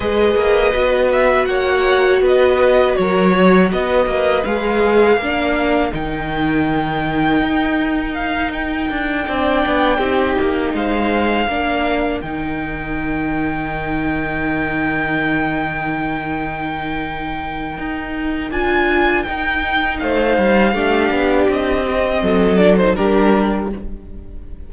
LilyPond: <<
  \new Staff \with { instrumentName = "violin" } { \time 4/4 \tempo 4 = 81 dis''4. e''8 fis''4 dis''4 | cis''4 dis''4 f''2 | g''2. f''8 g''8~ | g''2~ g''8 f''4.~ |
f''8 g''2.~ g''8~ | g''1~ | g''4 gis''4 g''4 f''4~ | f''4 dis''4. d''16 c''16 ais'4 | }
  \new Staff \with { instrumentName = "violin" } { \time 4/4 b'2 cis''4 b'4 | ais'8 cis''8 b'2 ais'4~ | ais'1~ | ais'8 d''4 g'4 c''4 ais'8~ |
ais'1~ | ais'1~ | ais'2. c''4 | g'2 a'4 g'4 | }
  \new Staff \with { instrumentName = "viola" } { \time 4/4 gis'4 fis'2.~ | fis'2 gis'4 d'4 | dis'1~ | dis'8 d'4 dis'2 d'8~ |
d'8 dis'2.~ dis'8~ | dis'1~ | dis'4 f'4 dis'2 | d'4. c'4 d'16 dis'16 d'4 | }
  \new Staff \with { instrumentName = "cello" } { \time 4/4 gis8 ais8 b4 ais4 b4 | fis4 b8 ais8 gis4 ais4 | dis2 dis'2 | d'8 c'8 b8 c'8 ais8 gis4 ais8~ |
ais8 dis2.~ dis8~ | dis1 | dis'4 d'4 dis'4 a8 g8 | a8 b8 c'4 fis4 g4 | }
>>